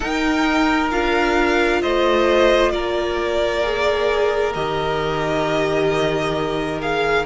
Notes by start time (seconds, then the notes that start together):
0.00 D#4 A#4 G5
0.90 D4 F4 F5
1.81 A3 C5 D#5
2.71 A#3 A#4 D5
3.63 G#4
4.54 D#3 G4 D#5
6.80 G#4 F5